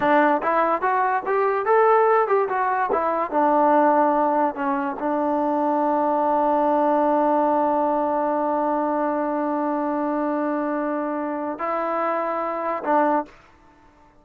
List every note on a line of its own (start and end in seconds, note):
0.00 0.41 D4
0.42 0.81 E4
0.81 1.22 F#4
1.26 1.65 G4
1.65 2.27 A4
2.27 2.48 G4
2.48 2.90 F#4
2.92 3.30 E4
3.30 4.54 D4
4.54 4.96 C#4
4.99 11.59 D4
11.59 12.83 E4
12.83 13.25 D4